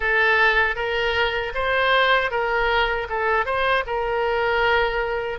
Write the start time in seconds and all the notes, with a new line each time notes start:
0.00 A4
0.75 A#4
1.54 C5
2.30 A#4
3.09 A4
3.45 C5
3.86 A#4